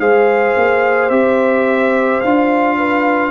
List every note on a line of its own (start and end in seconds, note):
0.00 0.56 G#3
0.00 1.11 G#4
0.00 2.78 C5
0.00 1.10 F5
0.57 1.10 A#3
1.10 2.21 C4
1.10 2.22 G4
1.10 2.21 E5
2.21 3.31 D4
2.21 3.31 F4
2.21 3.31 F5
2.78 3.31 B4